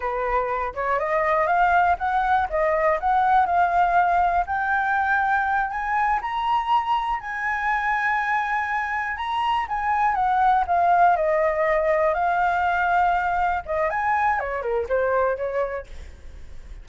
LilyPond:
\new Staff \with { instrumentName = "flute" } { \time 4/4 \tempo 4 = 121 b'4. cis''8 dis''4 f''4 | fis''4 dis''4 fis''4 f''4~ | f''4 g''2~ g''8 gis''8~ | gis''8 ais''2 gis''4.~ |
gis''2~ gis''8 ais''4 gis''8~ | gis''8 fis''4 f''4 dis''4.~ | dis''8 f''2. dis''8 | gis''4 cis''8 ais'8 c''4 cis''4 | }